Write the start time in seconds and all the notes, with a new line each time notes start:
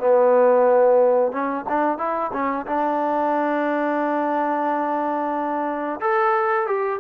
0.00 B3
1.32 C#4
1.69 D4
1.98 E4
2.33 C#4
2.66 D4
6.00 A4
6.67 G4